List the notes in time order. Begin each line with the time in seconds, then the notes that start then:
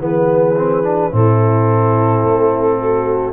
0.00 E3 B3 G#4 B4
0.57 C4
0.83 D4
1.11 A2 C4 E4 A4
2.24 A3
2.81 F#4